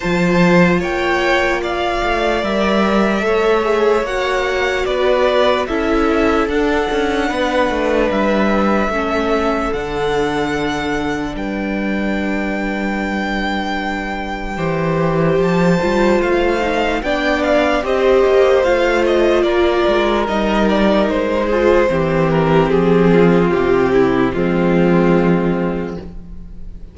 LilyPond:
<<
  \new Staff \with { instrumentName = "violin" } { \time 4/4 \tempo 4 = 74 a''4 g''4 f''4 e''4~ | e''4 fis''4 d''4 e''4 | fis''2 e''2 | fis''2 g''2~ |
g''2. a''4 | f''4 g''8 f''8 dis''4 f''8 dis''8 | d''4 dis''8 d''8 c''4. ais'8 | gis'4 g'4 f'2 | }
  \new Staff \with { instrumentName = "violin" } { \time 4/4 c''4 cis''4 d''2 | cis''2 b'4 a'4~ | a'4 b'2 a'4~ | a'2 b'2~ |
b'2 c''2~ | c''4 d''4 c''2 | ais'2~ ais'8 gis'8 g'4~ | g'8 f'4 e'8 c'2 | }
  \new Staff \with { instrumentName = "viola" } { \time 4/4 f'2. ais'4 | a'8 gis'8 fis'2 e'4 | d'2. cis'4 | d'1~ |
d'2 g'4. f'8~ | f'8 dis'8 d'4 g'4 f'4~ | f'4 dis'4. f'8 c'4~ | c'2 gis2 | }
  \new Staff \with { instrumentName = "cello" } { \time 4/4 f4 ais4. a8 g4 | a4 ais4 b4 cis'4 | d'8 cis'8 b8 a8 g4 a4 | d2 g2~ |
g2 e4 f8 g8 | a4 b4 c'8 ais8 a4 | ais8 gis8 g4 gis4 e4 | f4 c4 f2 | }
>>